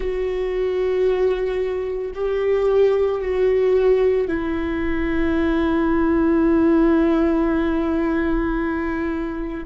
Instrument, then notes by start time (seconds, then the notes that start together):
viola
0.00 F#4
2.14 G4
3.21 F#4
4.28 E4